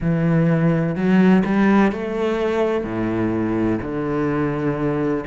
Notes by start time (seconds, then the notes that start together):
0.00 E3
0.95 F#3
1.45 G3
1.92 A3
2.84 A2
3.81 D3